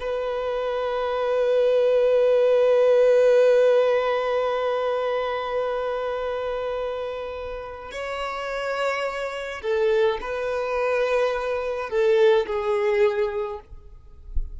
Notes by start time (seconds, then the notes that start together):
0.00 B4
7.91 C#5
9.62 A4
10.21 B4
11.90 A4
12.46 G#4